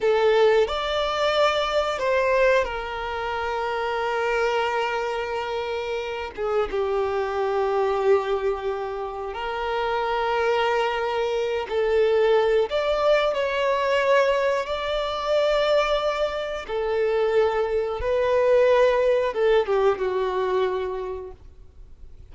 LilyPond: \new Staff \with { instrumentName = "violin" } { \time 4/4 \tempo 4 = 90 a'4 d''2 c''4 | ais'1~ | ais'4. gis'8 g'2~ | g'2 ais'2~ |
ais'4. a'4. d''4 | cis''2 d''2~ | d''4 a'2 b'4~ | b'4 a'8 g'8 fis'2 | }